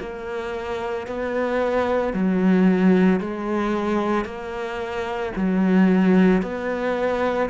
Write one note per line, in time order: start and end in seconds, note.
0.00 1.07 A#3
1.07 2.14 B3
2.14 3.21 F#3
3.21 4.26 G#3
4.26 5.33 A#3
5.36 6.43 F#3
6.43 7.50 B3